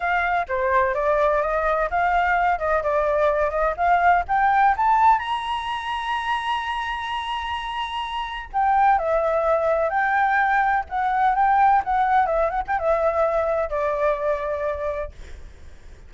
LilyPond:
\new Staff \with { instrumentName = "flute" } { \time 4/4 \tempo 4 = 127 f''4 c''4 d''4 dis''4 | f''4. dis''8 d''4. dis''8 | f''4 g''4 a''4 ais''4~ | ais''1~ |
ais''2 g''4 e''4~ | e''4 g''2 fis''4 | g''4 fis''4 e''8 fis''16 g''16 e''4~ | e''4 d''2. | }